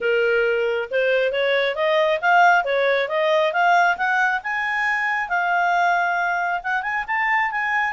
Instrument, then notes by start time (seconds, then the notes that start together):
clarinet
0.01 A#4
0.90 C5
1.32 C#5
1.75 D#5
2.21 F5
2.64 C#5
3.08 D#5
3.52 F5
3.97 F#5
4.43 G#5
5.29 F5
6.63 F#5
6.82 G#5
7.07 A5
7.51 G#5